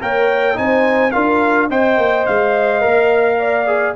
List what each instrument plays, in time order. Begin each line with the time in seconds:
0.00 tuba A#3, trombone A#4, horn C#5, trumpet G5
0.54 tuba C4, trombone D#4, horn C5, trumpet G#5
1.11 tuba D4, trombone F4, horn A#4, trumpet F5
1.69 tuba C4, trombone C5, horn D#5, trumpet G5
1.97 tuba A#3
2.26 tuba G#3, trumpet F5
2.80 tuba A#3, trombone A#4
3.39 horn D5
3.66 trombone G#4